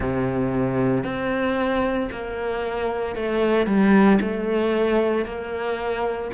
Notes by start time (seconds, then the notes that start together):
0.00 C3
1.03 C4
2.11 A#3
3.15 A3
3.66 G3
4.21 A3
5.25 A#3